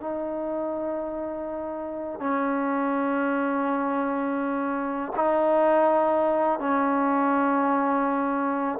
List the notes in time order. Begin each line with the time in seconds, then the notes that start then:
0.00 D#4
2.20 C#4
5.16 D#4
6.59 C#4